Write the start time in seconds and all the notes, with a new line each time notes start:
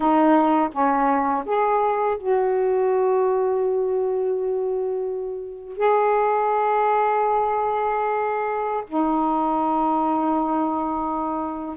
0.00 D#4
0.72 C#4
1.45 G#4
2.17 F#4
5.76 G#4
8.87 D#4